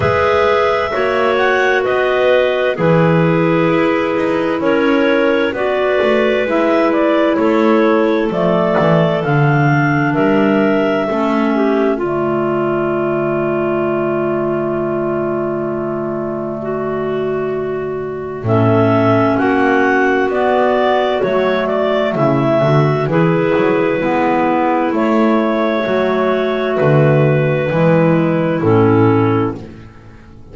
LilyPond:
<<
  \new Staff \with { instrumentName = "clarinet" } { \time 4/4 \tempo 4 = 65 e''4. fis''8 dis''4 b'4~ | b'4 cis''4 d''4 e''8 d''8 | cis''4 d''4 f''4 e''4~ | e''4 d''2.~ |
d''1 | e''4 fis''4 d''4 cis''8 d''8 | e''4 b'2 cis''4~ | cis''4 b'2 a'4 | }
  \new Staff \with { instrumentName = "clarinet" } { \time 4/4 b'4 cis''4 b'4 gis'4~ | gis'4 ais'4 b'2 | a'2. ais'4 | a'8 g'8 f'2.~ |
f'2 fis'2 | a'4 fis'2. | e'8 fis'8 gis'4 e'2 | fis'2 e'2 | }
  \new Staff \with { instrumentName = "clarinet" } { \time 4/4 gis'4 fis'2 e'4~ | e'2 fis'4 e'4~ | e'4 a4 d'2 | cis'4 a2.~ |
a1 | cis'2 b4 a4~ | a4 e'4 b4 a4~ | a2 gis4 cis'4 | }
  \new Staff \with { instrumentName = "double bass" } { \time 4/4 gis4 ais4 b4 e4 | e'8 dis'8 cis'4 b8 a8 gis4 | a4 f8 e8 d4 g4 | a4 d2.~ |
d1 | a,4 ais4 b4 fis4 | cis8 d8 e8 fis8 gis4 a4 | fis4 d4 e4 a,4 | }
>>